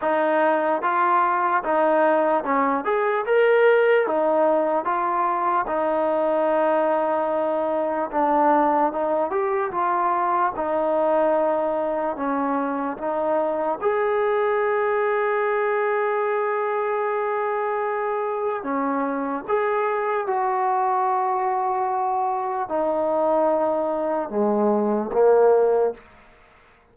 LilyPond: \new Staff \with { instrumentName = "trombone" } { \time 4/4 \tempo 4 = 74 dis'4 f'4 dis'4 cis'8 gis'8 | ais'4 dis'4 f'4 dis'4~ | dis'2 d'4 dis'8 g'8 | f'4 dis'2 cis'4 |
dis'4 gis'2.~ | gis'2. cis'4 | gis'4 fis'2. | dis'2 gis4 ais4 | }